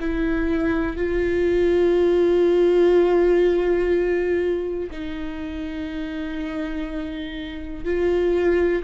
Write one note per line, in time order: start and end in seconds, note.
0.00 0.96 E4
0.96 4.90 F4
4.90 7.84 D#4
7.84 8.83 F4